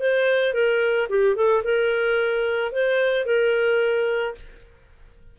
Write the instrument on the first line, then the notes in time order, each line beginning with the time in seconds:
clarinet
0.00 C5
0.54 A#4
1.10 G4
1.36 A4
1.64 A#4
2.72 C5
3.26 A#4